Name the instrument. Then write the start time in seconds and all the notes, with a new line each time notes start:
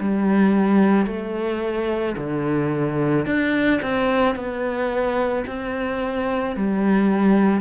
cello
0.00 G3
1.07 A3
2.18 D3
3.26 D4
3.82 C4
4.36 B3
5.47 C4
6.57 G3